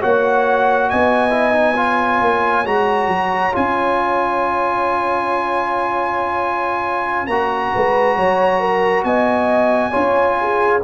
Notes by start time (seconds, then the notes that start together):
0.00 A#3 F#4 C#5 F#5
0.90 B3 D#5 G#5
1.30 E4
1.52 D#4
1.72 F4 C#5
2.21 A#3
2.65 G#3 F#4 A#5
3.07 F#3
3.52 C#4 F4 G#5
7.26 A#3 F#4 A#5
7.74 G#3 B4
8.16 F#3 C#5
8.60 A#4
9.03 B3 D#5 G#5
9.90 C#4 F4 C#5
10.41 G#4